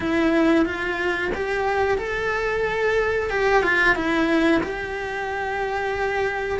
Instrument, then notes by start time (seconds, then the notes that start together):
cello
0.00 E4
0.65 F4
1.34 G4
1.98 A4
3.30 G4
3.62 F4
3.95 E4
4.63 G4